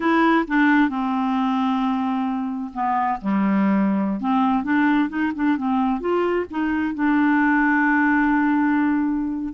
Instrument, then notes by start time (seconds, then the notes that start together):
clarinet
0.00 E4
0.47 D4
0.89 C4
2.73 B3
3.21 G3
4.20 C4
4.63 D4
5.09 D#4
5.35 D4
5.57 C4
6.00 F4
6.50 D#4
6.94 D4